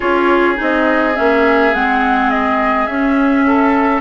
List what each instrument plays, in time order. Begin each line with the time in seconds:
0.00 bassoon C#4, clarinet F4, oboe G#4, flute C#5
0.55 bassoon C4, clarinet D#4, flute D#5
1.15 bassoon A#3, clarinet C#4, flute E5
1.73 bassoon G#3, clarinet C4, flute F#5
2.30 flute D#5
2.86 bassoon C#4, clarinet C#4, flute E5
3.46 oboe A4